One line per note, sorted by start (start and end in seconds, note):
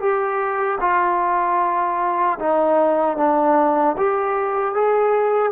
0.00 0.79 G4
0.81 2.39 F4
2.40 3.17 D#4
3.17 3.96 D4
3.98 4.75 G4
4.75 5.53 G#4